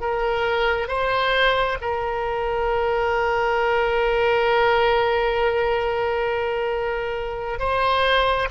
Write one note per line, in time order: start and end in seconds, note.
0.00 0.88 A#4
0.88 1.77 C5
1.81 7.59 A#4
7.59 8.48 C5